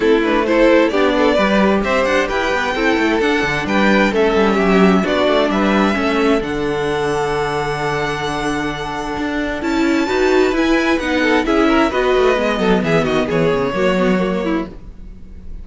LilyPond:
<<
  \new Staff \with { instrumentName = "violin" } { \time 4/4 \tempo 4 = 131 a'8 b'8 c''4 d''2 | e''8 fis''8 g''2 fis''4 | g''4 e''2 d''4 | e''2 fis''2~ |
fis''1~ | fis''4 a''2 gis''4 | fis''4 e''4 dis''2 | e''8 dis''8 cis''2. | }
  \new Staff \with { instrumentName = "violin" } { \time 4/4 e'4 a'4 g'8 a'8 b'4 | c''4 b'4 a'2 | b'4 a'4 g'4 fis'4 | b'4 a'2.~ |
a'1~ | a'2 b'2~ | b'8 a'8 gis'8 ais'8 b'4. a'8 | gis'8 fis'8 gis'4 fis'4. e'8 | }
  \new Staff \with { instrumentName = "viola" } { \time 4/4 c'8 d'8 e'4 d'4 g'4~ | g'2 e'4 d'4~ | d'4 cis'2 d'4~ | d'4 cis'4 d'2~ |
d'1~ | d'4 e'4 fis'4 e'4 | dis'4 e'4 fis'4 b4~ | b2 ais8 b8 ais4 | }
  \new Staff \with { instrumentName = "cello" } { \time 4/4 a2 b4 g4 | c'8 d'8 e'8 b8 c'8 a8 d'8 d8 | g4 a8 g8 fis4 b8 a8 | g4 a4 d2~ |
d1 | d'4 cis'4 dis'4 e'4 | b4 cis'4 b8 a8 gis8 fis8 | e8 dis8 e8 cis8 fis2 | }
>>